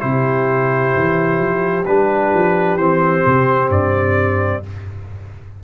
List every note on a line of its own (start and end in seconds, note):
0.00 0.95 C3
0.00 1.85 E4
0.00 4.63 G4
0.00 1.85 C5
0.95 1.39 E3
1.39 1.85 F3
1.86 2.32 G3
1.86 2.79 D4
1.86 2.77 B4
2.34 2.76 F3
2.76 3.22 E3
2.76 4.64 C4
2.76 3.69 C5
3.26 3.70 C3
3.70 4.62 G2
3.70 4.63 D5